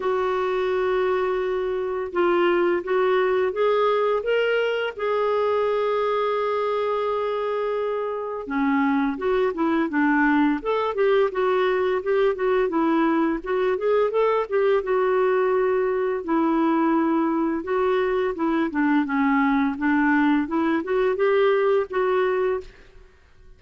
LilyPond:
\new Staff \with { instrumentName = "clarinet" } { \time 4/4 \tempo 4 = 85 fis'2. f'4 | fis'4 gis'4 ais'4 gis'4~ | gis'1 | cis'4 fis'8 e'8 d'4 a'8 g'8 |
fis'4 g'8 fis'8 e'4 fis'8 gis'8 | a'8 g'8 fis'2 e'4~ | e'4 fis'4 e'8 d'8 cis'4 | d'4 e'8 fis'8 g'4 fis'4 | }